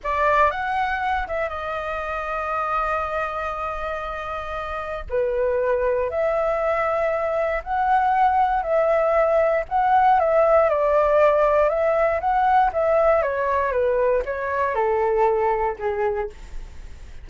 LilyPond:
\new Staff \with { instrumentName = "flute" } { \time 4/4 \tempo 4 = 118 d''4 fis''4. e''8 dis''4~ | dis''1~ | dis''2 b'2 | e''2. fis''4~ |
fis''4 e''2 fis''4 | e''4 d''2 e''4 | fis''4 e''4 cis''4 b'4 | cis''4 a'2 gis'4 | }